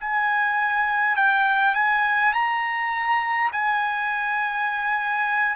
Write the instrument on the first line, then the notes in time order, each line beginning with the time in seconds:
trumpet
0.00 G#5
1.16 G5
1.74 G#5
2.33 A#5
3.52 G#5